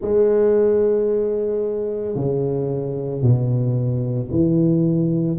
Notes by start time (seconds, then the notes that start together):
0.01 G#3
2.15 C#3
3.21 B2
4.31 E3